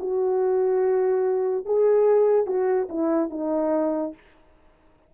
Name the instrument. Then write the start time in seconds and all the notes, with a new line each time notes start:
horn
0.00 F#4
1.66 G#4
2.47 F#4
2.89 E4
3.31 D#4